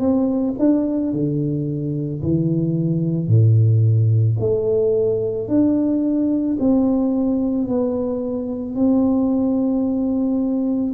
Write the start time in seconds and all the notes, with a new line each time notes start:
0.00 C4
0.59 D4
1.13 D3
2.23 E3
3.28 A2
4.40 A3
5.48 D4
6.60 C4
7.69 B3
8.76 C4